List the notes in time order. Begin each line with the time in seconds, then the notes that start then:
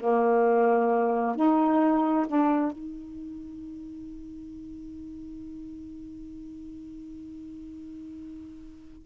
0.00 A#3
1.36 D#4
2.28 D4
2.72 D#4